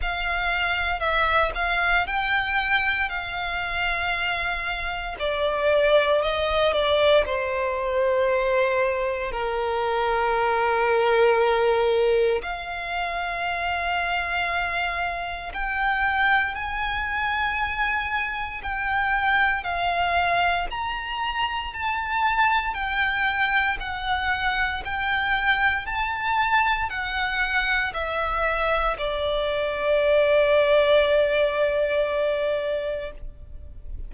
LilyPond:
\new Staff \with { instrumentName = "violin" } { \time 4/4 \tempo 4 = 58 f''4 e''8 f''8 g''4 f''4~ | f''4 d''4 dis''8 d''8 c''4~ | c''4 ais'2. | f''2. g''4 |
gis''2 g''4 f''4 | ais''4 a''4 g''4 fis''4 | g''4 a''4 fis''4 e''4 | d''1 | }